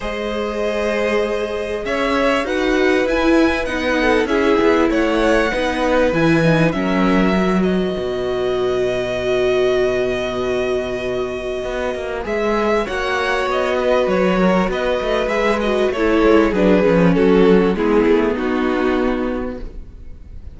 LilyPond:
<<
  \new Staff \with { instrumentName = "violin" } { \time 4/4 \tempo 4 = 98 dis''2. e''4 | fis''4 gis''4 fis''4 e''4 | fis''2 gis''4 e''4~ | e''8 dis''2.~ dis''8~ |
dis''1 | e''4 fis''4 dis''4 cis''4 | dis''4 e''8 dis''8 cis''4 b'4 | a'4 gis'4 fis'2 | }
  \new Staff \with { instrumentName = "violin" } { \time 4/4 c''2. cis''4 | b'2~ b'8 a'8 gis'4 | cis''4 b'2 ais'4~ | ais'8 b'2.~ b'8~ |
b'1~ | b'4 cis''4. b'4 ais'8 | b'2 a'4 gis'4 | fis'4 e'4 dis'2 | }
  \new Staff \with { instrumentName = "viola" } { \time 4/4 gis'1 | fis'4 e'4 dis'4 e'4~ | e'4 dis'4 e'8 dis'8 cis'4 | fis'1~ |
fis'1 | gis'4 fis'2.~ | fis'4 gis'8 fis'8 e'4 d'8 cis'8~ | cis'4 b2. | }
  \new Staff \with { instrumentName = "cello" } { \time 4/4 gis2. cis'4 | dis'4 e'4 b4 cis'8 b8 | a4 b4 e4 fis4~ | fis4 b,2.~ |
b,2. b8 ais8 | gis4 ais4 b4 fis4 | b8 a8 gis4 a8 gis8 fis8 f8 | fis4 gis8 a8 b2 | }
>>